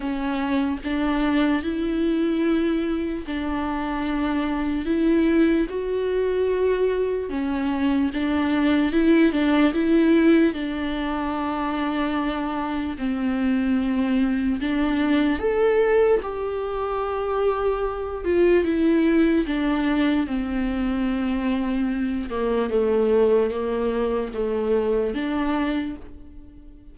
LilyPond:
\new Staff \with { instrumentName = "viola" } { \time 4/4 \tempo 4 = 74 cis'4 d'4 e'2 | d'2 e'4 fis'4~ | fis'4 cis'4 d'4 e'8 d'8 | e'4 d'2. |
c'2 d'4 a'4 | g'2~ g'8 f'8 e'4 | d'4 c'2~ c'8 ais8 | a4 ais4 a4 d'4 | }